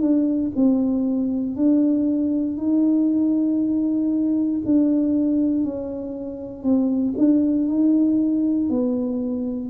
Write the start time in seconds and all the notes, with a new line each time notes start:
0.00 D4
0.55 C4
1.56 D4
2.57 D#4
4.65 D4
5.63 C#4
6.63 C4
7.17 D4
7.67 D#4
8.69 B3